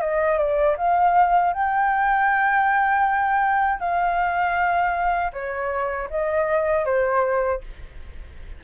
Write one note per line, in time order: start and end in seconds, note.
0.00 0.38 D#5
0.38 0.76 D5
0.77 1.53 F5
1.53 3.79 G5
3.79 5.31 F5
5.33 6.09 C#5
6.10 6.85 D#5
6.85 7.61 C5